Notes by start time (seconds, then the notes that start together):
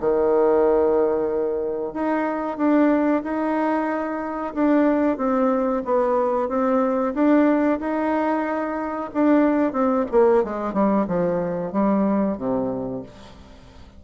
0.00 D#3
1.93 D#4
2.57 D4
3.23 D#4
4.54 D4
5.17 C4
5.85 B3
6.48 C4
7.14 D4
7.79 D#4
9.13 D4
9.72 C4
10.11 A#3
10.43 G#3
10.73 G3
11.07 F3
11.72 G3
12.37 C3